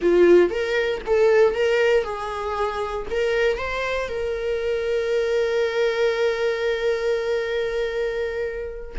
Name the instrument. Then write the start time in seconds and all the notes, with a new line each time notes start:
viola
0.01 F4
0.49 A#4
1.06 A4
1.54 A#4
2.03 G#4
3.10 A#4
3.58 C5
4.08 A#4